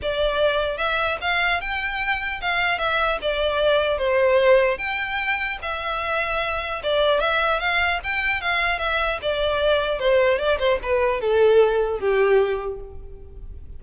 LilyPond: \new Staff \with { instrumentName = "violin" } { \time 4/4 \tempo 4 = 150 d''2 e''4 f''4 | g''2 f''4 e''4 | d''2 c''2 | g''2 e''2~ |
e''4 d''4 e''4 f''4 | g''4 f''4 e''4 d''4~ | d''4 c''4 d''8 c''8 b'4 | a'2 g'2 | }